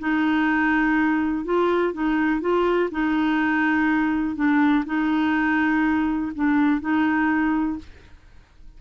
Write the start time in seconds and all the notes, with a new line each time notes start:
0.00 D#4
1.45 F4
1.94 D#4
2.41 F4
2.92 D#4
4.36 D4
4.86 D#4
6.36 D4
6.81 D#4